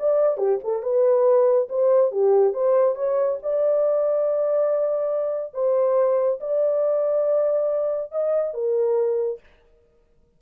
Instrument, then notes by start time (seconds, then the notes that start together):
horn
0.00 D5
0.38 G4
0.64 A4
0.83 B4
1.70 C5
2.12 G4
2.54 C5
2.96 C#5
3.43 D5
5.54 C5
6.41 D5
8.12 D#5
8.54 A#4